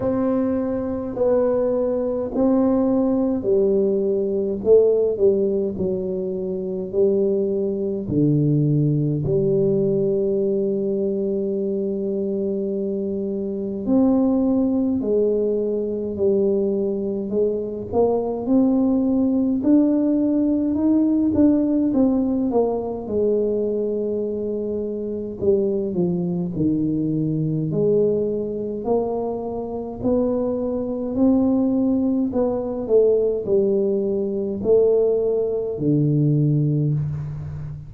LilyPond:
\new Staff \with { instrumentName = "tuba" } { \time 4/4 \tempo 4 = 52 c'4 b4 c'4 g4 | a8 g8 fis4 g4 d4 | g1 | c'4 gis4 g4 gis8 ais8 |
c'4 d'4 dis'8 d'8 c'8 ais8 | gis2 g8 f8 dis4 | gis4 ais4 b4 c'4 | b8 a8 g4 a4 d4 | }